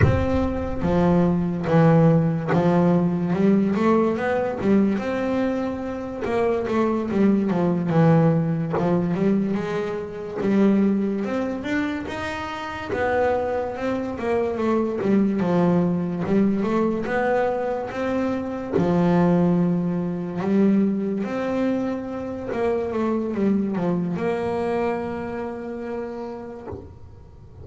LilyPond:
\new Staff \with { instrumentName = "double bass" } { \time 4/4 \tempo 4 = 72 c'4 f4 e4 f4 | g8 a8 b8 g8 c'4. ais8 | a8 g8 f8 e4 f8 g8 gis8~ | gis8 g4 c'8 d'8 dis'4 b8~ |
b8 c'8 ais8 a8 g8 f4 g8 | a8 b4 c'4 f4.~ | f8 g4 c'4. ais8 a8 | g8 f8 ais2. | }